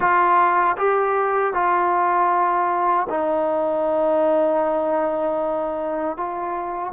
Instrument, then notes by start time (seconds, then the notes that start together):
trombone
0.00 F4
0.77 G4
1.53 F4
3.09 D#4
6.16 F4